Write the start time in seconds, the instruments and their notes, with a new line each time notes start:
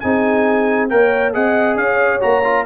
0.00 tuba C4, trombone D#4, horn G#4, trumpet G#5
0.89 tuba A#3, trombone A#4, horn C#5, trumpet G5
1.33 tuba C4, trombone G#4, horn D#5, trumpet F#5
1.76 tuba C#4, horn C#5, trumpet F5
2.20 tuba A#3, trombone F#4, trumpet A#5
2.44 trombone F4